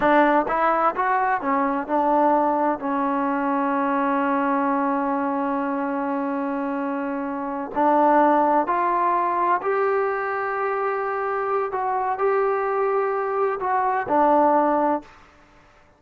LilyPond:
\new Staff \with { instrumentName = "trombone" } { \time 4/4 \tempo 4 = 128 d'4 e'4 fis'4 cis'4 | d'2 cis'2~ | cis'1~ | cis'1~ |
cis'8 d'2 f'4.~ | f'8 g'2.~ g'8~ | g'4 fis'4 g'2~ | g'4 fis'4 d'2 | }